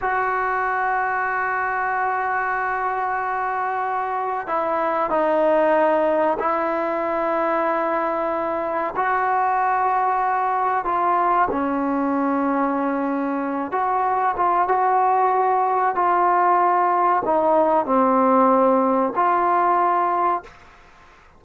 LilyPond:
\new Staff \with { instrumentName = "trombone" } { \time 4/4 \tempo 4 = 94 fis'1~ | fis'2. e'4 | dis'2 e'2~ | e'2 fis'2~ |
fis'4 f'4 cis'2~ | cis'4. fis'4 f'8 fis'4~ | fis'4 f'2 dis'4 | c'2 f'2 | }